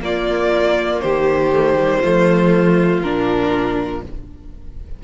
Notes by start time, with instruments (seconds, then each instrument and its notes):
0.00 cello A#3, viola A#3, violin F4 D5
1.00 cello D#3, violin G4 C5
1.52 viola A3
1.75 viola G3
1.99 cello F3, viola A3, violin F4
3.02 cello A#2, viola D4, violin A#4